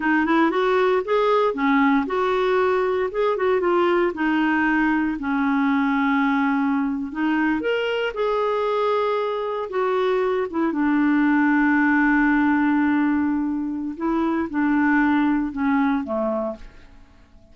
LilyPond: \new Staff \with { instrumentName = "clarinet" } { \time 4/4 \tempo 4 = 116 dis'8 e'8 fis'4 gis'4 cis'4 | fis'2 gis'8 fis'8 f'4 | dis'2 cis'2~ | cis'4.~ cis'16 dis'4 ais'4 gis'16~ |
gis'2~ gis'8. fis'4~ fis'16~ | fis'16 e'8 d'2.~ d'16~ | d'2. e'4 | d'2 cis'4 a4 | }